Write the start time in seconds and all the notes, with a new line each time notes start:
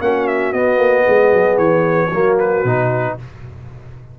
0.00 A#3 C#4 F#4 F#5
0.27 E5
0.53 B3 D#5
0.77 A#3
1.04 G#3 G#4
1.33 F#3
1.57 E3 C#5
2.08 F#3 A#3 F#4
2.39 B4
2.64 B2 D#4